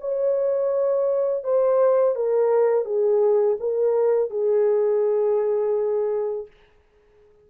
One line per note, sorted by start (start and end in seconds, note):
0.00 1.44 C#5
1.44 2.15 C5
2.15 2.85 A#4
2.85 3.57 G#4
3.60 4.30 A#4
4.30 6.47 G#4